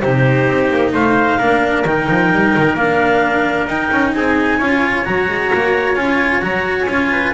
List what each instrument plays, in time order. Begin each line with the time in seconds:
0.00 double bass C3, cello D#4, trumpet G4, clarinet C5
0.47 double bass C4
0.70 double bass A#3
0.93 double bass A3, trumpet C5, clarinet F5
1.38 double bass A#3, cello D4, trumpet A#4
1.84 double bass D#3, cello D#4, clarinet G5
2.09 double bass F3
2.32 double bass G3
2.56 double bass D#3
2.74 double bass A#3, cello D4, clarinet F5
3.66 double bass D#4, cello D#4, clarinet G5
3.91 double bass C#4
4.14 double bass C4, trumpet G#4, clarinet G#5
4.58 double bass C#4, cello F4, trumpet C#5
5.04 double bass F#3, cello F#4, clarinet A#5
5.28 double bass G#3
5.53 double bass A#3
5.95 double bass C#4, cello F4, clarinet G#5
6.42 double bass F#3, cello F#4, clarinet A#5
6.80 double bass C#4, clarinet G#5
6.89 cello F4
7.11 trumpet B4